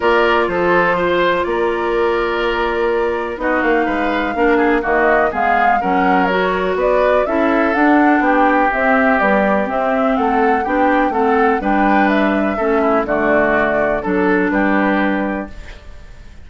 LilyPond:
<<
  \new Staff \with { instrumentName = "flute" } { \time 4/4 \tempo 4 = 124 d''4 c''2 d''4~ | d''2. dis''8 f''8~ | f''2 dis''4 f''4 | fis''4 cis''4 d''4 e''4 |
fis''4 g''4 e''4 d''4 | e''4 fis''4 g''4 fis''4 | g''4 e''2 d''4~ | d''4 a'4 b'2 | }
  \new Staff \with { instrumentName = "oboe" } { \time 4/4 ais'4 a'4 c''4 ais'4~ | ais'2. fis'4 | b'4 ais'8 gis'8 fis'4 gis'4 | ais'2 b'4 a'4~ |
a'4 g'2.~ | g'4 a'4 g'4 a'4 | b'2 a'8 e'8 fis'4~ | fis'4 a'4 g'2 | }
  \new Staff \with { instrumentName = "clarinet" } { \time 4/4 f'1~ | f'2. dis'4~ | dis'4 d'4 ais4 b4 | cis'4 fis'2 e'4 |
d'2 c'4 g4 | c'2 d'4 c'4 | d'2 cis'4 a4~ | a4 d'2. | }
  \new Staff \with { instrumentName = "bassoon" } { \time 4/4 ais4 f2 ais4~ | ais2. b8 ais8 | gis4 ais4 dis4 gis4 | fis2 b4 cis'4 |
d'4 b4 c'4 b4 | c'4 a4 b4 a4 | g2 a4 d4~ | d4 fis4 g2 | }
>>